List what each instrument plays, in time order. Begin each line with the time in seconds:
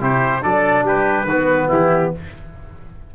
0.00 tuba C3, trombone E4, oboe G4, trumpet C5
0.41 tuba F#3, trombone D4, oboe A4, trumpet D5
0.83 tuba G3, oboe G4, trumpet B4
1.24 tuba D#3, oboe F#4
1.31 trombone B3
1.67 tuba E3, oboe E4, trumpet G4